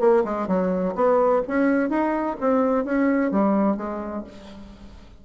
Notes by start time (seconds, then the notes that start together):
0.00 A#3
0.24 G#3
0.48 F#3
0.95 B3
1.47 C#4
1.89 D#4
2.40 C4
2.84 C#4
3.31 G3
3.77 G#3